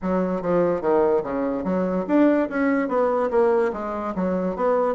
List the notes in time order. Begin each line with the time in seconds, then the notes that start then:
0.02 F#3
0.41 F3
0.81 D#3
1.23 C#3
1.64 F#3
2.07 D4
2.49 C#4
2.88 B3
3.30 A#3
3.73 G#3
4.15 F#3
4.56 B3